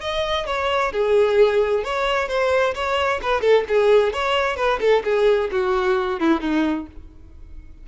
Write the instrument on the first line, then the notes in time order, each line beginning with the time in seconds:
violin
0.00 D#5
0.46 C#5
0.92 G#4
1.83 C#5
2.28 C5
2.74 C#5
3.22 B4
3.41 A4
3.68 G#4
4.12 C#5
4.56 B4
4.80 A4
5.04 G#4
5.51 F#4
6.19 E4
6.40 D#4